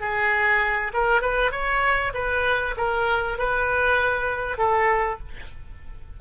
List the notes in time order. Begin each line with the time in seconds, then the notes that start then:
0.00 G#4
0.93 A#4
1.21 B4
1.51 C#5
2.14 B4
2.77 A#4
3.38 B4
4.58 A4